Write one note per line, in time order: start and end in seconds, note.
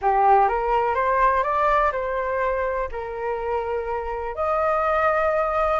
0.01 0.48 G4
0.48 0.94 A#4
0.94 1.43 C5
1.43 1.91 D5
1.92 2.88 C5
2.91 4.35 A#4
4.35 5.80 D#5